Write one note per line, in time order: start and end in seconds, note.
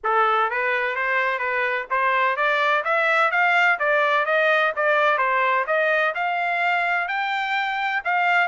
0.03 0.50 A4
0.50 0.95 B4
0.95 1.39 C5
1.39 1.86 B4
1.90 2.36 C5
2.36 2.83 D5
2.84 3.31 E5
3.31 3.78 F5
3.79 4.25 D5
4.25 4.72 D#5
4.76 5.18 D5
5.18 5.65 C5
5.66 6.14 D#5
6.14 7.08 F5
7.08 8.02 G5
8.04 8.47 F5